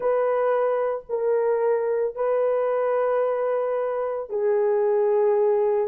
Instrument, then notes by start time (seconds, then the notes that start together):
horn
0.00 B4
1.09 A#4
2.15 B4
4.29 G#4